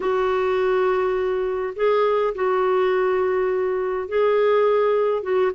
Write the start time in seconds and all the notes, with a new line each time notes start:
0.00 F#4
1.75 G#4
2.35 F#4
4.08 G#4
5.22 F#4